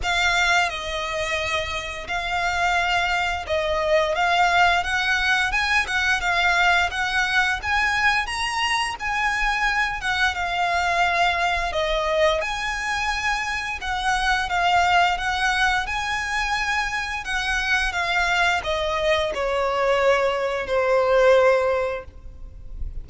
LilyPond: \new Staff \with { instrumentName = "violin" } { \time 4/4 \tempo 4 = 87 f''4 dis''2 f''4~ | f''4 dis''4 f''4 fis''4 | gis''8 fis''8 f''4 fis''4 gis''4 | ais''4 gis''4. fis''8 f''4~ |
f''4 dis''4 gis''2 | fis''4 f''4 fis''4 gis''4~ | gis''4 fis''4 f''4 dis''4 | cis''2 c''2 | }